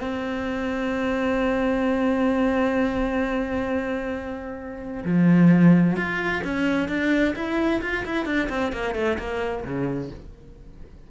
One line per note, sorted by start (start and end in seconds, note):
0.00 5.04 C4
5.04 5.96 F3
5.96 6.42 F4
6.44 6.88 C#4
6.88 7.34 D4
7.35 7.81 E4
7.81 8.04 F4
8.05 8.25 E4
8.25 8.48 D4
8.49 8.72 C4
8.72 8.94 A#3
8.94 9.17 A3
9.18 9.64 A#3
9.64 10.10 C#3